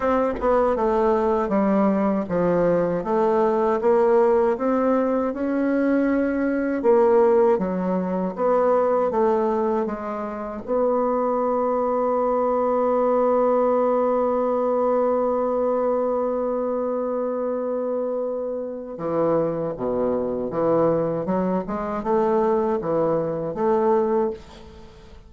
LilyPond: \new Staff \with { instrumentName = "bassoon" } { \time 4/4 \tempo 4 = 79 c'8 b8 a4 g4 f4 | a4 ais4 c'4 cis'4~ | cis'4 ais4 fis4 b4 | a4 gis4 b2~ |
b1~ | b1~ | b4 e4 b,4 e4 | fis8 gis8 a4 e4 a4 | }